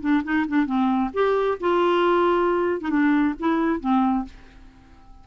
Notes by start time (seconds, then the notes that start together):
0.00 D4
0.24 D#4
0.48 D4
0.66 C4
1.13 G4
1.60 F4
2.81 D#4
2.90 D4
3.39 E4
3.80 C4